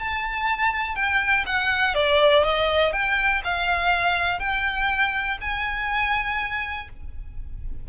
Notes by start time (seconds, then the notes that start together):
0.00 A5
0.96 G5
1.47 F#5
1.95 D5
2.44 D#5
2.93 G5
3.45 F5
4.40 G5
5.41 G#5